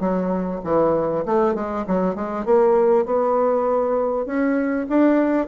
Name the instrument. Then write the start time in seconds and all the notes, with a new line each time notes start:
bassoon
0.00 F#3
0.64 E3
1.25 A3
1.55 G#3
1.87 F#3
2.15 G#3
2.45 A#3
3.06 B3
4.26 C#4
4.89 D4